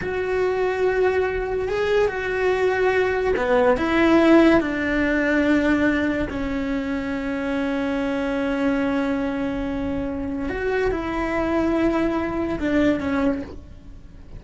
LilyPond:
\new Staff \with { instrumentName = "cello" } { \time 4/4 \tempo 4 = 143 fis'1 | gis'4 fis'2. | b4 e'2 d'4~ | d'2. cis'4~ |
cis'1~ | cis'1~ | cis'4 fis'4 e'2~ | e'2 d'4 cis'4 | }